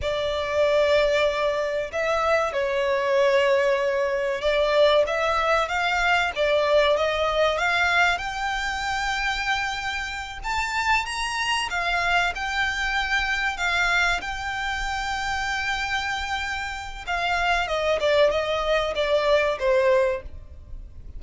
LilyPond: \new Staff \with { instrumentName = "violin" } { \time 4/4 \tempo 4 = 95 d''2. e''4 | cis''2. d''4 | e''4 f''4 d''4 dis''4 | f''4 g''2.~ |
g''8 a''4 ais''4 f''4 g''8~ | g''4. f''4 g''4.~ | g''2. f''4 | dis''8 d''8 dis''4 d''4 c''4 | }